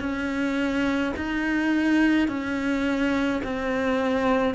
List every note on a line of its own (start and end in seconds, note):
0.00 1.13 C#4
1.16 2.28 D#4
2.28 3.41 C#4
3.44 4.54 C4